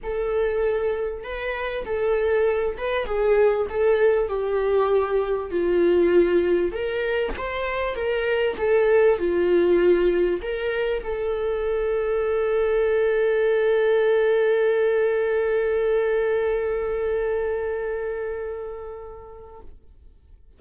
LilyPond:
\new Staff \with { instrumentName = "viola" } { \time 4/4 \tempo 4 = 98 a'2 b'4 a'4~ | a'8 b'8 gis'4 a'4 g'4~ | g'4 f'2 ais'4 | c''4 ais'4 a'4 f'4~ |
f'4 ais'4 a'2~ | a'1~ | a'1~ | a'1 | }